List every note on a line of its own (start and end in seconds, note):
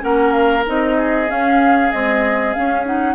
0.00 0.66 A#3
0.00 0.62 C#4
0.00 0.97 A#4
0.00 0.33 F#5
0.33 0.64 F5
0.66 1.30 C4
0.66 1.27 D#4
0.66 1.30 D#5
0.97 3.15 G#4
1.27 1.89 C#4
1.27 1.92 C#4
1.27 1.92 F5
1.91 2.54 G#3
1.91 2.56 C4
1.91 2.53 D#5
2.53 2.85 C#4
2.53 3.15 C#4
2.53 2.85 F5
2.85 3.15 D#4
2.85 3.15 F#5